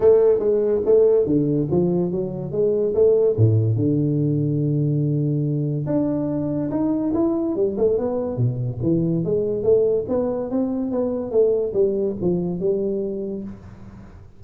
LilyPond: \new Staff \with { instrumentName = "tuba" } { \time 4/4 \tempo 4 = 143 a4 gis4 a4 d4 | f4 fis4 gis4 a4 | a,4 d2.~ | d2 d'2 |
dis'4 e'4 g8 a8 b4 | b,4 e4 gis4 a4 | b4 c'4 b4 a4 | g4 f4 g2 | }